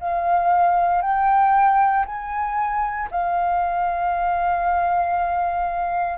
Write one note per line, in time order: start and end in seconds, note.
0.00 1.02 F5
1.02 2.05 G5
2.06 3.09 G#5
3.11 6.18 F5